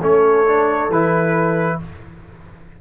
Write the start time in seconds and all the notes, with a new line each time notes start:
0.00 A3 C#4 A4 C#5
0.46 D4
0.89 E3 E4 B4